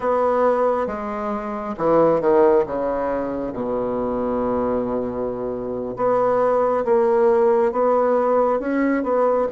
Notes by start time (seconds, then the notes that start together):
0.00 B3
0.86 G#3
1.77 E3
2.21 D#3
2.66 C#3
3.52 B2
5.96 B3
6.85 A#3
7.72 B3
8.59 C#4
9.03 B3